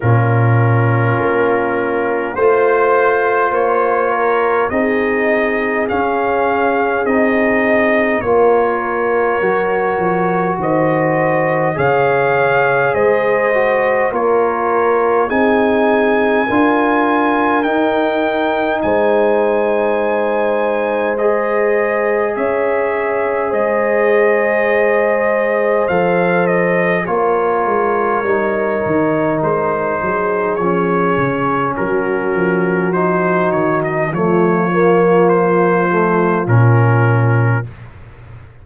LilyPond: <<
  \new Staff \with { instrumentName = "trumpet" } { \time 4/4 \tempo 4 = 51 ais'2 c''4 cis''4 | dis''4 f''4 dis''4 cis''4~ | cis''4 dis''4 f''4 dis''4 | cis''4 gis''2 g''4 |
gis''2 dis''4 e''4 | dis''2 f''8 dis''8 cis''4~ | cis''4 c''4 cis''4 ais'4 | c''8 cis''16 dis''16 cis''4 c''4 ais'4 | }
  \new Staff \with { instrumentName = "horn" } { \time 4/4 f'2 c''4. ais'8 | gis'2. ais'4~ | ais'4 c''4 cis''4 c''4 | ais'4 gis'4 ais'2 |
c''2. cis''4 | c''2. ais'4~ | ais'4. gis'4. fis'4~ | fis'4 f'2. | }
  \new Staff \with { instrumentName = "trombone" } { \time 4/4 cis'2 f'2 | dis'4 cis'4 dis'4 f'4 | fis'2 gis'4. fis'8 | f'4 dis'4 f'4 dis'4~ |
dis'2 gis'2~ | gis'2 a'4 f'4 | dis'2 cis'2 | dis'4 a8 ais4 a8 cis'4 | }
  \new Staff \with { instrumentName = "tuba" } { \time 4/4 ais,4 ais4 a4 ais4 | c'4 cis'4 c'4 ais4 | fis8 f8 dis4 cis4 gis4 | ais4 c'4 d'4 dis'4 |
gis2. cis'4 | gis2 f4 ais8 gis8 | g8 dis8 gis8 fis8 f8 cis8 fis8 f8~ | f8 dis8 f2 ais,4 | }
>>